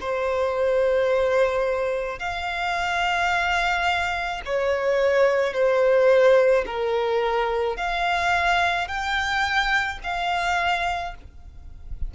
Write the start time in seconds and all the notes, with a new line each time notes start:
0.00 C5
2.19 F5
4.45 C#5
5.54 C5
6.66 A#4
7.77 F5
8.88 G5
10.04 F5